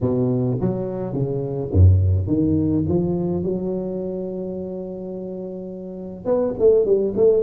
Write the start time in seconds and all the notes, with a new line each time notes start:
0.00 B2
0.60 F#3
1.13 C#3
1.72 F#2
2.27 D#3
2.88 F3
3.43 F#3
6.25 B3
6.58 A3
6.85 G3
7.16 A3